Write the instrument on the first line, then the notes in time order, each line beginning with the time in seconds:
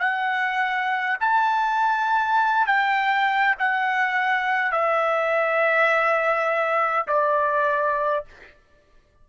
trumpet
0.00 F#5
1.20 A5
2.67 G5
3.59 F#5
4.72 E5
7.07 D5